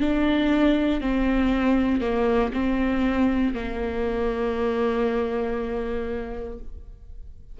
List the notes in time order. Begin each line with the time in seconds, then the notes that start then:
0.00 D4
1.01 C4
2.01 A#3
2.53 C4
3.54 A#3